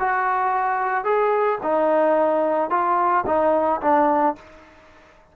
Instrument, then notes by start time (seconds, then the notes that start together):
trombone
0.00 F#4
1.05 G#4
1.63 D#4
2.70 F4
3.27 D#4
3.82 D4